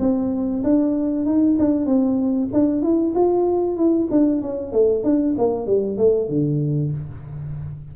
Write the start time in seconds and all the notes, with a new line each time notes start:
0.00 C4
0.64 D4
1.26 D#4
1.59 D4
1.86 C4
2.53 D4
2.82 E4
3.15 F4
3.77 E4
4.11 D4
4.42 C#4
4.73 A3
5.04 D4
5.39 A#3
5.67 G3
5.98 A3
6.29 D3